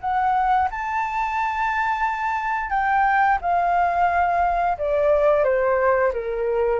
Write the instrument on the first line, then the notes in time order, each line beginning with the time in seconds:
flute
0.00 F#5
0.70 A5
2.70 G5
3.41 F5
4.78 D5
5.44 C5
6.13 A#4